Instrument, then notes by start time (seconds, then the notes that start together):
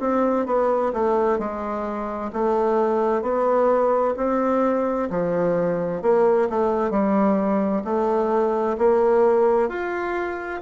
bassoon
0.00 C4
0.46 B3
0.93 A3
1.39 G#3
2.33 A3
3.22 B3
4.17 C4
5.10 F3
6.02 A#3
6.50 A3
6.90 G3
7.85 A3
8.78 A#3
9.69 F4